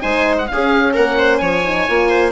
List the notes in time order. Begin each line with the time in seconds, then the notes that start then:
0.00 G#3 D#4 C5 G#5
0.38 F#5
0.48 C#4 G#4 F5
0.93 A#3 A#4 F#5
1.18 C5
1.38 F3 C#5 G#5
1.65 D#4
1.88 A#3 F4
2.09 C5